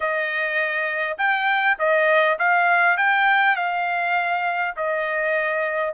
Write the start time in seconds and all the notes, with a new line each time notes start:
0.00 D#5
1.18 G5
1.78 D#5
2.38 F5
2.97 G5
3.56 F5
4.76 D#5